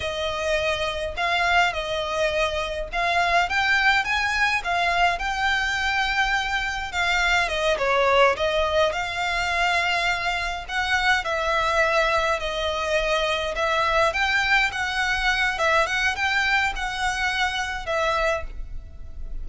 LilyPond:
\new Staff \with { instrumentName = "violin" } { \time 4/4 \tempo 4 = 104 dis''2 f''4 dis''4~ | dis''4 f''4 g''4 gis''4 | f''4 g''2. | f''4 dis''8 cis''4 dis''4 f''8~ |
f''2~ f''8 fis''4 e''8~ | e''4. dis''2 e''8~ | e''8 g''4 fis''4. e''8 fis''8 | g''4 fis''2 e''4 | }